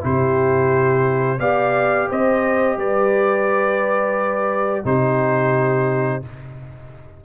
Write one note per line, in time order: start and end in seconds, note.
0.00 1.39 C3
0.00 1.38 E4
0.00 1.38 G4
0.00 1.39 C5
1.38 2.08 B3
1.38 4.84 G4
1.38 2.07 D5
1.38 2.08 F5
2.08 2.77 C4
2.08 2.77 C5
2.08 2.78 D#5
2.77 4.83 G3
2.77 4.85 B4
2.77 4.85 D5
4.84 6.22 C3
4.84 6.22 D#4
4.84 6.24 G4
4.84 6.23 C5